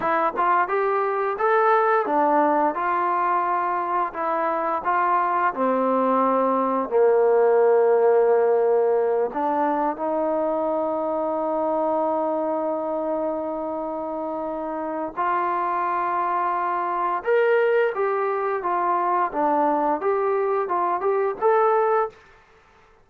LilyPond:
\new Staff \with { instrumentName = "trombone" } { \time 4/4 \tempo 4 = 87 e'8 f'8 g'4 a'4 d'4 | f'2 e'4 f'4 | c'2 ais2~ | ais4. d'4 dis'4.~ |
dis'1~ | dis'2 f'2~ | f'4 ais'4 g'4 f'4 | d'4 g'4 f'8 g'8 a'4 | }